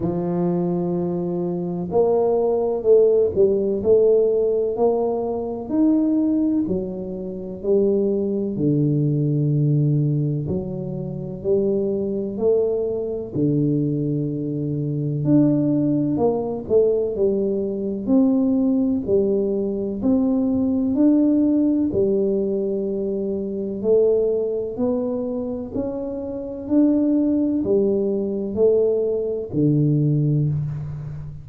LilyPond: \new Staff \with { instrumentName = "tuba" } { \time 4/4 \tempo 4 = 63 f2 ais4 a8 g8 | a4 ais4 dis'4 fis4 | g4 d2 fis4 | g4 a4 d2 |
d'4 ais8 a8 g4 c'4 | g4 c'4 d'4 g4~ | g4 a4 b4 cis'4 | d'4 g4 a4 d4 | }